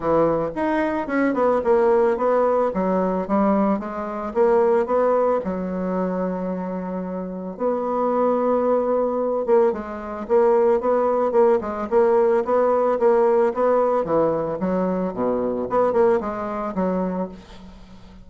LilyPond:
\new Staff \with { instrumentName = "bassoon" } { \time 4/4 \tempo 4 = 111 e4 dis'4 cis'8 b8 ais4 | b4 fis4 g4 gis4 | ais4 b4 fis2~ | fis2 b2~ |
b4. ais8 gis4 ais4 | b4 ais8 gis8 ais4 b4 | ais4 b4 e4 fis4 | b,4 b8 ais8 gis4 fis4 | }